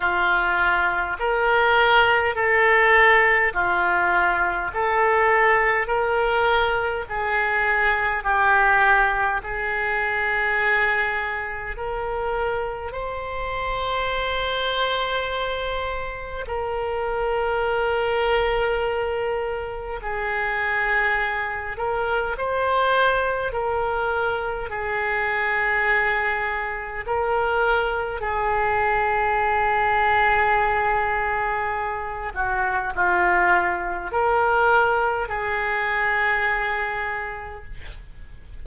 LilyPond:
\new Staff \with { instrumentName = "oboe" } { \time 4/4 \tempo 4 = 51 f'4 ais'4 a'4 f'4 | a'4 ais'4 gis'4 g'4 | gis'2 ais'4 c''4~ | c''2 ais'2~ |
ais'4 gis'4. ais'8 c''4 | ais'4 gis'2 ais'4 | gis'2.~ gis'8 fis'8 | f'4 ais'4 gis'2 | }